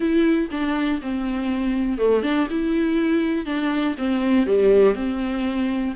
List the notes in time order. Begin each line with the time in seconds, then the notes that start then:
0.00 E4
0.51 D4
1.01 C4
1.98 A3
2.22 D4
2.50 E4
3.45 D4
3.98 C4
4.46 G3
4.94 C4